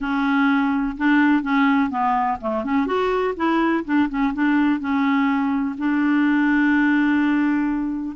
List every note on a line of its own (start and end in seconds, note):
0.00 0.96 C#4
0.97 1.42 D4
1.42 1.89 C#4
1.89 2.37 B3
2.40 2.64 A3
2.64 2.86 C#4
2.86 3.34 F#4
3.36 3.84 E4
3.84 4.08 D4
4.09 4.33 C#4
4.33 4.79 D4
4.79 5.75 C#4
5.78 8.16 D4